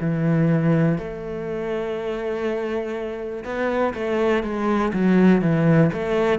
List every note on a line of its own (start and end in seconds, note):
0.00 0.98 E3
0.98 3.44 A3
3.44 3.93 B3
3.94 4.43 A3
4.43 4.92 G#3
4.93 5.41 F#3
5.41 5.91 E3
5.93 6.38 A3